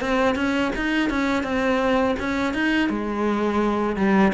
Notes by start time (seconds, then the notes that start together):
0.00 C4
0.35 C#4
0.75 D#4
1.09 C#4
1.43 C4
2.19 C#4
2.54 D#4
2.89 G#3
3.96 G3